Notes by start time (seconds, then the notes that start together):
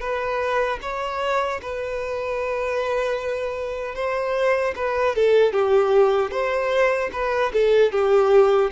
0.00 B4
0.81 C#5
1.61 B4
3.95 C5
4.75 B4
5.15 A4
5.52 G4
6.31 C5
7.12 B4
7.53 A4
7.91 G4